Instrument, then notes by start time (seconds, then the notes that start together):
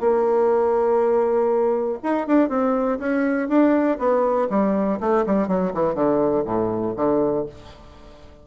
bassoon
0.00 A#3
2.03 D#4
2.27 D4
2.49 C4
2.99 C#4
3.48 D4
3.98 B3
4.49 G3
5.00 A3
5.26 G3
5.47 F#3
5.74 E3
5.94 D3
6.45 A2
6.96 D3